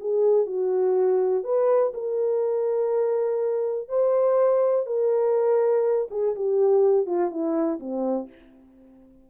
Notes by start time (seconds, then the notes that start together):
0.00 G#4
0.46 F#4
1.44 B4
1.94 A#4
3.88 C5
4.86 A#4
6.10 G#4
6.35 G4
7.06 F4
7.30 E4
7.80 C4